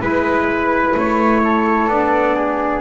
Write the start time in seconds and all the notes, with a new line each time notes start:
0.00 G#3 E4 B4
0.96 A3 C#5
1.43 A4
1.87 B3 D4 D5
2.35 G#4